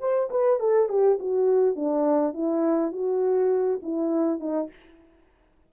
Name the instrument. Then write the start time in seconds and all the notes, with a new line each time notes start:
horn
0.00 C5
0.30 B4
0.59 A4
0.89 G4
1.19 F#4
1.75 D4
2.34 E4
2.92 F#4
3.82 E4
4.40 D#4